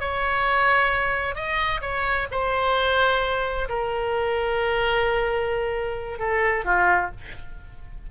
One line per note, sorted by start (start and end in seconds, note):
0.00 1.35 C#5
1.35 1.81 D#5
1.81 2.27 C#5
2.31 3.68 C5
3.69 6.19 A#4
6.19 6.65 A4
6.65 7.11 F4